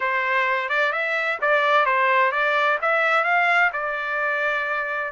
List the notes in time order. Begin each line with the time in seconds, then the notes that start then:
0.00 C5
0.69 D5
0.92 E5
1.41 D5
1.85 C5
2.31 D5
2.81 E5
3.24 F5
3.73 D5